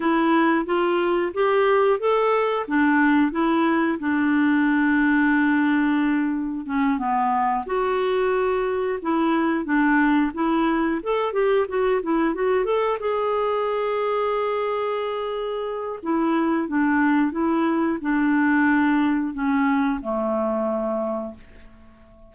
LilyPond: \new Staff \with { instrumentName = "clarinet" } { \time 4/4 \tempo 4 = 90 e'4 f'4 g'4 a'4 | d'4 e'4 d'2~ | d'2 cis'8 b4 fis'8~ | fis'4. e'4 d'4 e'8~ |
e'8 a'8 g'8 fis'8 e'8 fis'8 a'8 gis'8~ | gis'1 | e'4 d'4 e'4 d'4~ | d'4 cis'4 a2 | }